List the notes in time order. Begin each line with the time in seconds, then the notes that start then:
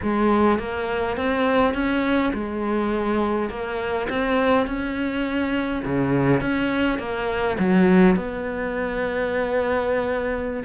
0.02 G#3
0.58 A#3
1.17 C4
1.74 C#4
2.33 G#3
3.49 A#3
4.09 C4
4.66 C#4
5.84 C#3
6.40 C#4
6.98 A#3
7.59 F#3
8.16 B3